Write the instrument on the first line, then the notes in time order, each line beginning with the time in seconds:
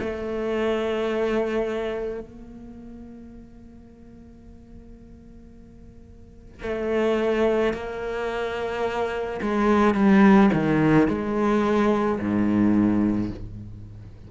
cello
0.00 A3
2.21 A#3
6.63 A3
7.74 A#3
9.42 G#3
9.94 G3
10.54 D#3
11.09 G#3
12.20 G#2